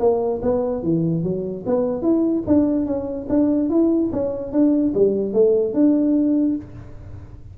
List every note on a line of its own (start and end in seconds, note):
0.00 0.41 A#3
0.42 0.83 B3
0.83 1.24 E3
1.24 1.65 F#3
1.66 2.03 B3
2.03 2.44 E4
2.47 2.86 D4
2.86 3.27 C#4
3.30 3.70 D4
3.70 4.11 E4
4.13 4.52 C#4
4.52 4.93 D4
4.95 5.34 G3
5.34 5.74 A3
5.74 6.56 D4